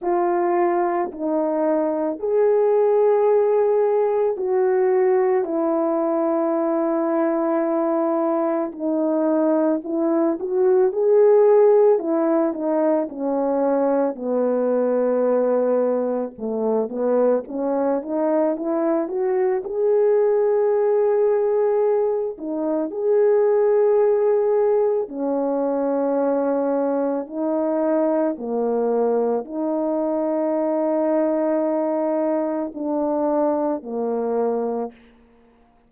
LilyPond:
\new Staff \with { instrumentName = "horn" } { \time 4/4 \tempo 4 = 55 f'4 dis'4 gis'2 | fis'4 e'2. | dis'4 e'8 fis'8 gis'4 e'8 dis'8 | cis'4 b2 a8 b8 |
cis'8 dis'8 e'8 fis'8 gis'2~ | gis'8 dis'8 gis'2 cis'4~ | cis'4 dis'4 ais4 dis'4~ | dis'2 d'4 ais4 | }